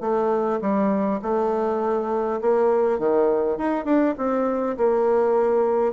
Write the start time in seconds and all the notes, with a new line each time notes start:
0.00 A3
0.61 G3
1.22 A3
2.41 A#3
2.98 D#3
3.58 D#4
3.85 D4
4.17 C4
4.77 A#3